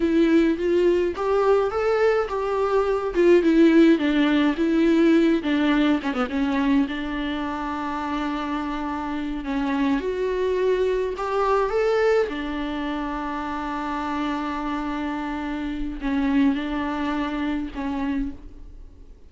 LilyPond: \new Staff \with { instrumentName = "viola" } { \time 4/4 \tempo 4 = 105 e'4 f'4 g'4 a'4 | g'4. f'8 e'4 d'4 | e'4. d'4 cis'16 b16 cis'4 | d'1~ |
d'8 cis'4 fis'2 g'8~ | g'8 a'4 d'2~ d'8~ | d'1 | cis'4 d'2 cis'4 | }